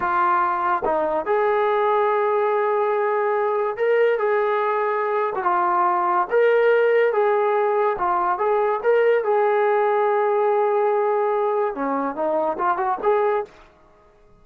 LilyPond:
\new Staff \with { instrumentName = "trombone" } { \time 4/4 \tempo 4 = 143 f'2 dis'4 gis'4~ | gis'1~ | gis'4 ais'4 gis'2~ | gis'8. fis'16 f'2 ais'4~ |
ais'4 gis'2 f'4 | gis'4 ais'4 gis'2~ | gis'1 | cis'4 dis'4 f'8 fis'8 gis'4 | }